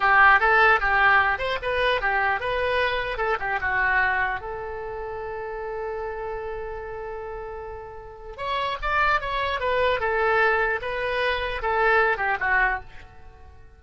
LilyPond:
\new Staff \with { instrumentName = "oboe" } { \time 4/4 \tempo 4 = 150 g'4 a'4 g'4. c''8 | b'4 g'4 b'2 | a'8 g'8 fis'2 a'4~ | a'1~ |
a'1~ | a'4 cis''4 d''4 cis''4 | b'4 a'2 b'4~ | b'4 a'4. g'8 fis'4 | }